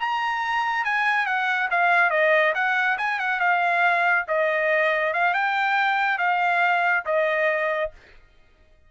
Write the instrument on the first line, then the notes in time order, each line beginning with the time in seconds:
trumpet
0.00 A#5
0.85 G#5
1.26 F#5
1.71 F5
2.10 D#5
2.55 F#5
2.98 G#5
3.19 F#5
3.40 F5
4.28 D#5
5.14 F5
5.34 G5
6.19 F5
7.05 D#5